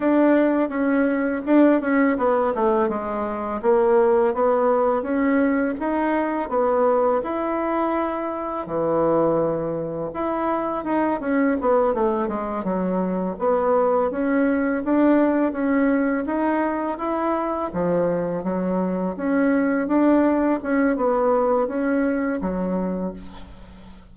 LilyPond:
\new Staff \with { instrumentName = "bassoon" } { \time 4/4 \tempo 4 = 83 d'4 cis'4 d'8 cis'8 b8 a8 | gis4 ais4 b4 cis'4 | dis'4 b4 e'2 | e2 e'4 dis'8 cis'8 |
b8 a8 gis8 fis4 b4 cis'8~ | cis'8 d'4 cis'4 dis'4 e'8~ | e'8 f4 fis4 cis'4 d'8~ | d'8 cis'8 b4 cis'4 fis4 | }